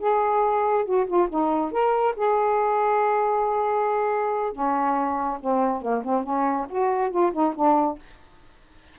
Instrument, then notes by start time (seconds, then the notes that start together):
saxophone
0.00 G#4
0.86 F#4
1.07 F4
1.29 D#4
1.72 A#4
2.17 G#4
4.53 C#4
5.41 C4
5.82 A#3
6.05 C4
6.24 C#4
6.70 F#4
7.11 F4
7.33 D#4
7.56 D4